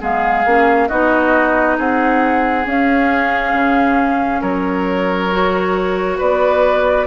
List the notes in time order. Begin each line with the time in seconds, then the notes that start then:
0.00 G#3 B3 G#4 F5
0.45 A#3 C#4
0.88 B3 D#4 F#4 D#5
1.78 C4 G#4 F#5
2.65 C#4 F5
3.53 C#3
4.40 F#3 A#4 C#5
5.31 F#4
6.18 B3 B4 D5